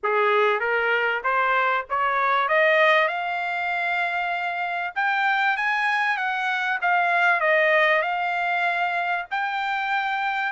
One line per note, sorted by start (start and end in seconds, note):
0.03 0.60 G#4
0.60 1.21 A#4
1.23 1.85 C5
1.89 2.48 C#5
2.48 3.08 D#5
3.08 4.93 F5
4.95 5.56 G5
5.56 6.17 G#5
6.17 6.78 F#5
6.81 7.40 F5
7.40 8.02 D#5
8.02 9.25 F5
9.30 10.52 G5